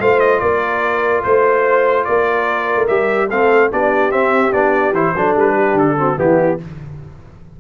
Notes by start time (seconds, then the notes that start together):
0.00 A3 F4 C5 F5
0.20 D#5
0.40 A#3 A#4 D5
1.23 A3 C5
2.04 A#3 A#4 D5
2.76 A3
2.87 G3 G4 E5
3.28 A3 C4 A4 F5
3.71 B3 D4 G4 D5
4.10 C4 E5
4.52 B3 D4 D5
4.92 E3 E4 C5
5.15 F#3 D4 A4
5.35 G3 B4
5.54 G4
5.74 D3 A4
5.97 C4 F#4
6.17 E3 B3 E4 G4